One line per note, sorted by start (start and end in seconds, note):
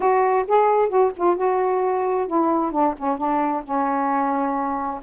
0.00 0.45 F#4
0.47 0.89 G#4
0.89 1.11 F#4
1.16 1.36 F4
1.36 2.27 F#4
2.27 2.71 E4
2.71 2.94 D4
2.97 3.17 C#4
3.17 3.62 D4
3.64 5.00 C#4